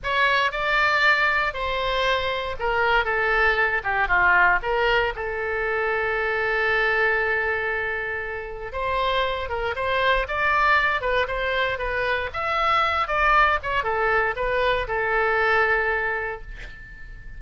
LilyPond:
\new Staff \with { instrumentName = "oboe" } { \time 4/4 \tempo 4 = 117 cis''4 d''2 c''4~ | c''4 ais'4 a'4. g'8 | f'4 ais'4 a'2~ | a'1~ |
a'4 c''4. ais'8 c''4 | d''4. b'8 c''4 b'4 | e''4. d''4 cis''8 a'4 | b'4 a'2. | }